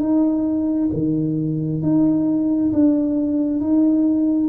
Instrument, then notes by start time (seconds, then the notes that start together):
tuba
0.00 D#4
0.93 D#3
1.82 D#4
2.73 D4
3.60 D#4